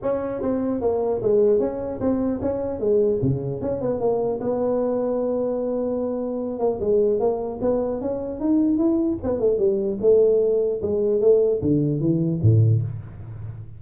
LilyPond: \new Staff \with { instrumentName = "tuba" } { \time 4/4 \tempo 4 = 150 cis'4 c'4 ais4 gis4 | cis'4 c'4 cis'4 gis4 | cis4 cis'8 b8 ais4 b4~ | b1~ |
b8 ais8 gis4 ais4 b4 | cis'4 dis'4 e'4 b8 a8 | g4 a2 gis4 | a4 d4 e4 a,4 | }